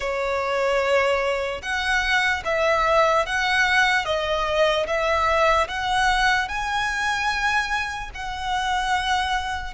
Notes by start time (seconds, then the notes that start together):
0.00 C#5
1.61 F#5
2.45 E5
3.26 F#5
4.05 D#5
4.86 E5
5.68 F#5
6.48 G#5
8.14 F#5